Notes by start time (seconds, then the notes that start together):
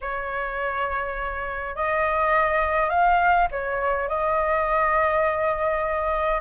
0.01 C#5
1.75 D#5
2.89 F5
3.51 C#5
4.08 D#5